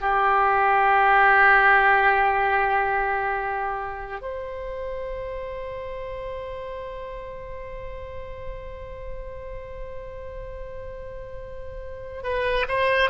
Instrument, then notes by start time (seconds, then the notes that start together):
oboe
0.00 G4
4.21 C5
12.23 B4
12.68 C5